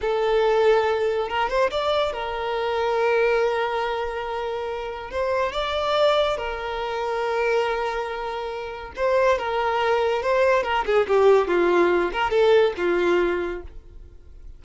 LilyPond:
\new Staff \with { instrumentName = "violin" } { \time 4/4 \tempo 4 = 141 a'2. ais'8 c''8 | d''4 ais'2.~ | ais'1 | c''4 d''2 ais'4~ |
ais'1~ | ais'4 c''4 ais'2 | c''4 ais'8 gis'8 g'4 f'4~ | f'8 ais'8 a'4 f'2 | }